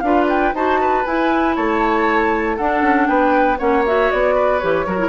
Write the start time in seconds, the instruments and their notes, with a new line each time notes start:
0.00 bassoon D4, clarinet F4, oboe B4, flute F5
0.29 flute G5
0.54 bassoon D#4, clarinet F#4, oboe C5, flute A5
0.81 oboe B4
1.05 clarinet E4, bassoon E4, flute G#5
1.56 bassoon A3, oboe C#5, flute A5
2.57 bassoon D4, clarinet D4, oboe A4, flute F#5
2.82 bassoon C#4
3.07 bassoon B3, oboe B4, flute G5
3.59 bassoon A#3, clarinet C#4, oboe C#5, flute F#5
3.86 clarinet F#4, flute E5
4.11 bassoon B3, flute D5
4.35 oboe B4
4.59 bassoon E3, clarinet G4, flute C#5
4.87 bassoon F#3, clarinet F#4, oboe A#4
4.98 clarinet E4